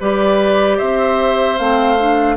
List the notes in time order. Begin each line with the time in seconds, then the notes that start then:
0.00 G3 G4 B4 D5
0.77 C4 C5 E5
1.57 A3 C4 F5
1.98 D4